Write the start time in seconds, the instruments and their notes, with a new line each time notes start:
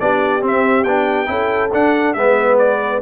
0.00 tuba B3, trombone D4, horn G4, trumpet D5
0.41 trombone C4, tuba C4
0.48 trumpet E5
0.84 tuba B3, trombone D4, trumpet G5
1.27 tuba C#4, trombone E4, horn A4
1.72 tuba D4, trombone D4, trumpet F#5
2.14 tuba G#3, trombone B3, horn B4, trumpet E5
2.58 trumpet D5